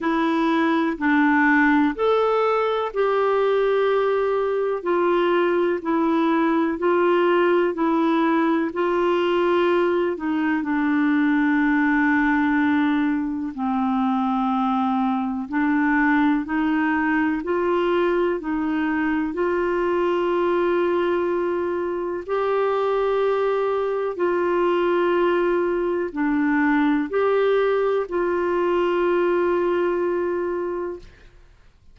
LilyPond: \new Staff \with { instrumentName = "clarinet" } { \time 4/4 \tempo 4 = 62 e'4 d'4 a'4 g'4~ | g'4 f'4 e'4 f'4 | e'4 f'4. dis'8 d'4~ | d'2 c'2 |
d'4 dis'4 f'4 dis'4 | f'2. g'4~ | g'4 f'2 d'4 | g'4 f'2. | }